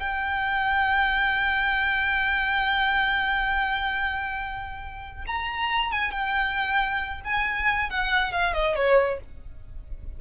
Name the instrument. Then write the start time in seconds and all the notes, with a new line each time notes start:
violin
0.00 G5
5.27 A#5
5.92 G#5
6.12 G5
7.25 G#5
7.90 F#5
8.32 F5
8.54 D#5
8.76 C#5